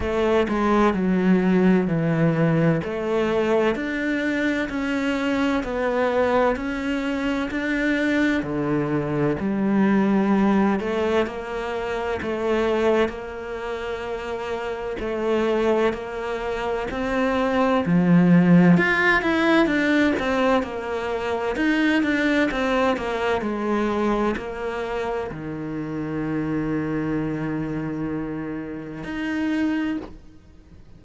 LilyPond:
\new Staff \with { instrumentName = "cello" } { \time 4/4 \tempo 4 = 64 a8 gis8 fis4 e4 a4 | d'4 cis'4 b4 cis'4 | d'4 d4 g4. a8 | ais4 a4 ais2 |
a4 ais4 c'4 f4 | f'8 e'8 d'8 c'8 ais4 dis'8 d'8 | c'8 ais8 gis4 ais4 dis4~ | dis2. dis'4 | }